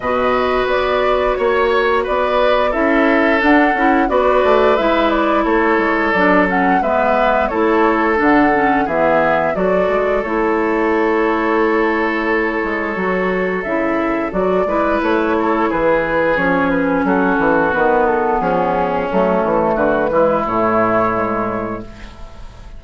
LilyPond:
<<
  \new Staff \with { instrumentName = "flute" } { \time 4/4 \tempo 4 = 88 dis''4 d''4 cis''4 d''4 | e''4 fis''4 d''4 e''8 d''8 | cis''4 d''8 fis''8 e''4 cis''4 | fis''4 e''4 d''4 cis''4~ |
cis''1 | e''4 d''4 cis''4 b'4 | cis''8 b'8 a'4 b'8 a'8 gis'4 | a'4 b'4 cis''2 | }
  \new Staff \with { instrumentName = "oboe" } { \time 4/4 b'2 cis''4 b'4 | a'2 b'2 | a'2 b'4 a'4~ | a'4 gis'4 a'2~ |
a'1~ | a'4. b'4 a'8 gis'4~ | gis'4 fis'2 cis'4~ | cis'4 fis'8 e'2~ e'8 | }
  \new Staff \with { instrumentName = "clarinet" } { \time 4/4 fis'1 | e'4 d'8 e'8 fis'4 e'4~ | e'4 d'8 cis'8 b4 e'4 | d'8 cis'8 b4 fis'4 e'4~ |
e'2. fis'4 | e'4 fis'8 e'2~ e'8 | cis'2 b2 | a4. gis8 a4 gis4 | }
  \new Staff \with { instrumentName = "bassoon" } { \time 4/4 b,4 b4 ais4 b4 | cis'4 d'8 cis'8 b8 a8 gis4 | a8 gis8 fis4 gis4 a4 | d4 e4 fis8 gis8 a4~ |
a2~ a8 gis8 fis4 | cis4 fis8 gis8 a4 e4 | f4 fis8 e8 dis4 f4 | fis8 e8 d8 e8 a,2 | }
>>